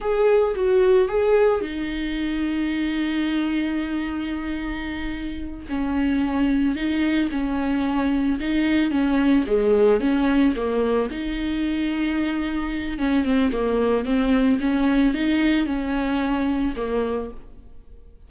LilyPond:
\new Staff \with { instrumentName = "viola" } { \time 4/4 \tempo 4 = 111 gis'4 fis'4 gis'4 dis'4~ | dis'1~ | dis'2~ dis'8 cis'4.~ | cis'8 dis'4 cis'2 dis'8~ |
dis'8 cis'4 gis4 cis'4 ais8~ | ais8 dis'2.~ dis'8 | cis'8 c'8 ais4 c'4 cis'4 | dis'4 cis'2 ais4 | }